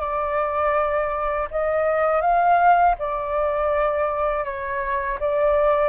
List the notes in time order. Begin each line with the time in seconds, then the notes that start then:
0.00 D5
1.51 D#5
2.21 F5
2.99 D5
4.44 C#5
5.20 D5